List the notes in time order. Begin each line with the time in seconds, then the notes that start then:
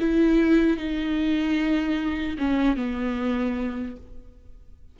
0.00 E4
0.77 D#4
2.38 C#4
2.76 B3